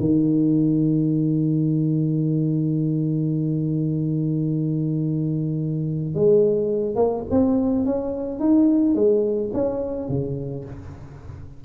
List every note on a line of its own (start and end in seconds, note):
0.00 6.15 D#3
6.15 6.96 G#3
6.96 7.24 A#3
7.31 7.86 C4
7.86 8.40 C#4
8.40 8.95 D#4
8.95 9.51 G#3
9.54 10.09 C#4
10.09 10.65 C#3